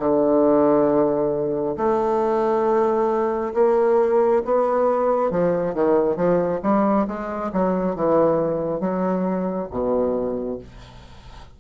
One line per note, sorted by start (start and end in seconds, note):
0.00 1.76 D3
1.77 3.54 A3
3.54 4.42 A#3
4.46 5.31 B3
5.31 5.75 F3
5.75 6.16 D#3
6.16 6.61 F3
6.63 7.07 G3
7.07 7.52 G#3
7.53 7.96 F#3
7.96 8.80 E3
8.80 9.69 F#3
9.71 10.59 B2